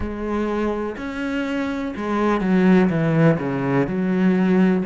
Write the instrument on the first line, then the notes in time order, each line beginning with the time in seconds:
cello
0.00 G#3
0.97 C#4
1.96 G#3
2.41 F#3
2.89 E3
3.39 C#3
3.87 F#3